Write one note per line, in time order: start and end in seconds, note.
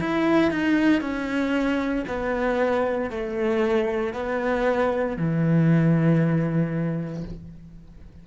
0.00 0.51 E4
0.51 1.01 D#4
1.01 2.05 C#4
2.07 3.10 B3
3.10 4.13 A3
4.13 5.17 B3
5.17 7.24 E3